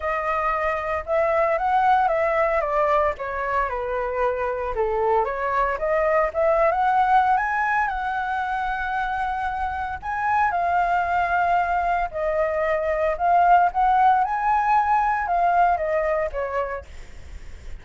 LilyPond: \new Staff \with { instrumentName = "flute" } { \time 4/4 \tempo 4 = 114 dis''2 e''4 fis''4 | e''4 d''4 cis''4 b'4~ | b'4 a'4 cis''4 dis''4 | e''8. fis''4~ fis''16 gis''4 fis''4~ |
fis''2. gis''4 | f''2. dis''4~ | dis''4 f''4 fis''4 gis''4~ | gis''4 f''4 dis''4 cis''4 | }